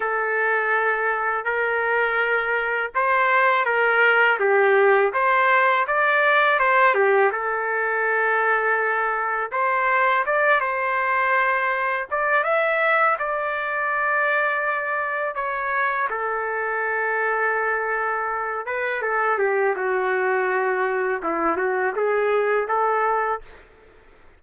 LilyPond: \new Staff \with { instrumentName = "trumpet" } { \time 4/4 \tempo 4 = 82 a'2 ais'2 | c''4 ais'4 g'4 c''4 | d''4 c''8 g'8 a'2~ | a'4 c''4 d''8 c''4.~ |
c''8 d''8 e''4 d''2~ | d''4 cis''4 a'2~ | a'4. b'8 a'8 g'8 fis'4~ | fis'4 e'8 fis'8 gis'4 a'4 | }